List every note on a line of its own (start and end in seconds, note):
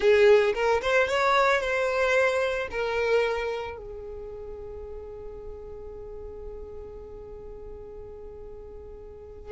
0.00 0.53 G#4
0.54 0.81 A#4
0.81 1.08 C5
1.08 1.60 C#5
1.60 2.67 C5
2.70 3.77 A#4
3.77 9.51 G#4